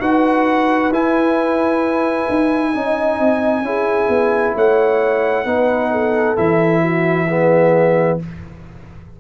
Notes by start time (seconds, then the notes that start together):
0.00 D#4 F#4 B4 F#5
0.90 E4 G#5
2.29 D#4
2.74 C#4 D#4 D#5
3.19 C4
3.62 C#4 E4 G#4
4.09 B3
4.55 A3 C#5 F#5
5.45 B3 D#4 B4
5.91 A4
6.36 E3 E4 E5
6.82 F#4
7.28 B3 G#4